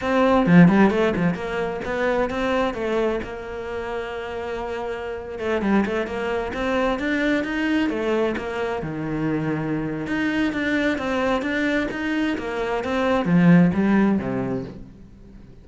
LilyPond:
\new Staff \with { instrumentName = "cello" } { \time 4/4 \tempo 4 = 131 c'4 f8 g8 a8 f8 ais4 | b4 c'4 a4 ais4~ | ais2.~ ais8. a16~ | a16 g8 a8 ais4 c'4 d'8.~ |
d'16 dis'4 a4 ais4 dis8.~ | dis2 dis'4 d'4 | c'4 d'4 dis'4 ais4 | c'4 f4 g4 c4 | }